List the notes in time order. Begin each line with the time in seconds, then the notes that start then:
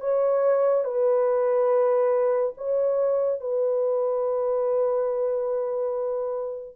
0.00 C#5
0.84 B4
2.57 C#5
3.40 B4